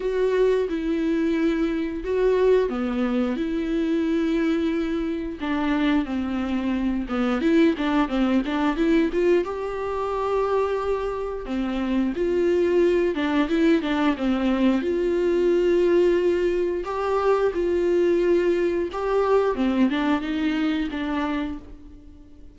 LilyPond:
\new Staff \with { instrumentName = "viola" } { \time 4/4 \tempo 4 = 89 fis'4 e'2 fis'4 | b4 e'2. | d'4 c'4. b8 e'8 d'8 | c'8 d'8 e'8 f'8 g'2~ |
g'4 c'4 f'4. d'8 | e'8 d'8 c'4 f'2~ | f'4 g'4 f'2 | g'4 c'8 d'8 dis'4 d'4 | }